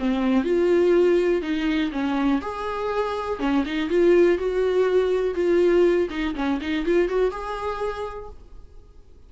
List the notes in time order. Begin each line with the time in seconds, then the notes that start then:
0.00 C4
0.44 F4
1.42 D#4
1.92 C#4
2.42 G#4
3.40 C#4
3.66 D#4
3.90 F4
4.39 F#4
5.35 F4
6.10 D#4
6.36 C#4
6.61 D#4
6.86 F4
7.09 F#4
7.32 G#4